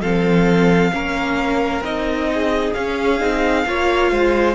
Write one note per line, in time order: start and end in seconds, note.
0.00 0.91 F3
0.00 0.92 C4
0.00 0.91 A4
0.00 1.83 F5
0.92 1.80 A#3
0.92 1.83 C#4
0.92 2.30 A#4
1.80 2.71 C4
1.80 2.74 D#4
1.80 2.73 D#5
2.33 3.67 G#4
2.73 3.20 C#4
2.73 3.19 C#4
2.73 4.55 F5
3.19 3.65 C4
3.19 3.65 D#4
3.66 4.11 A#3
3.66 4.55 F4
3.66 4.11 C#5
4.11 4.55 G#3
4.11 4.55 C5